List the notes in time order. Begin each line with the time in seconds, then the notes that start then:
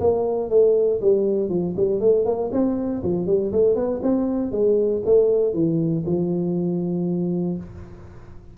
0.00 A#3
0.50 A3
1.01 G3
1.49 F3
1.76 G3
2.01 A3
2.25 A#3
2.52 C4
3.03 F3
3.26 G3
3.52 A3
3.75 B3
4.02 C4
4.52 G#3
5.05 A3
5.54 E3
6.06 F3